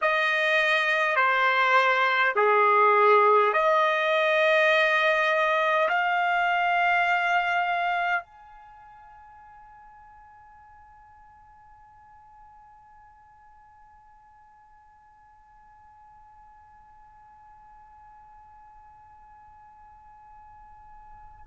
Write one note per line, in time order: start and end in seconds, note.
0.01 1.16 D#5
1.16 2.33 C5
2.35 3.53 G#4
3.53 5.88 D#5
5.88 8.22 F5
8.22 21.46 G#5